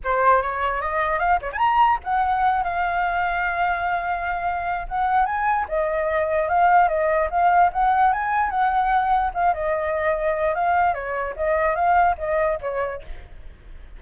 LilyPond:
\new Staff \with { instrumentName = "flute" } { \time 4/4 \tempo 4 = 148 c''4 cis''4 dis''4 f''8 cis''16 gis''16 | ais''4 fis''4. f''4.~ | f''1 | fis''4 gis''4 dis''2 |
f''4 dis''4 f''4 fis''4 | gis''4 fis''2 f''8 dis''8~ | dis''2 f''4 cis''4 | dis''4 f''4 dis''4 cis''4 | }